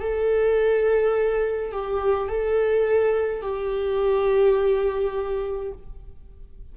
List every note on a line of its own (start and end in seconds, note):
0.00 1.72 A4
1.72 2.28 G4
2.28 3.41 A4
3.41 5.72 G4